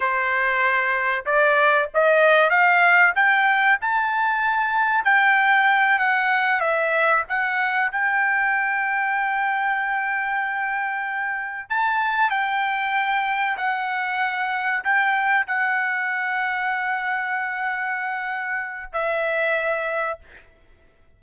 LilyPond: \new Staff \with { instrumentName = "trumpet" } { \time 4/4 \tempo 4 = 95 c''2 d''4 dis''4 | f''4 g''4 a''2 | g''4. fis''4 e''4 fis''8~ | fis''8 g''2.~ g''8~ |
g''2~ g''8 a''4 g''8~ | g''4. fis''2 g''8~ | g''8 fis''2.~ fis''8~ | fis''2 e''2 | }